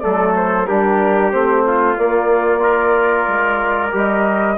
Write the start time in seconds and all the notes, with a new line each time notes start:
0.00 F#3 A3 A4 D5
0.36 C5
0.66 G3 D4 G4 A#4
1.32 A3 C4 C5
1.67 F4
1.97 A#3 D5
2.59 F4 A#4
3.28 G#3
3.91 G3 G4
3.97 D#5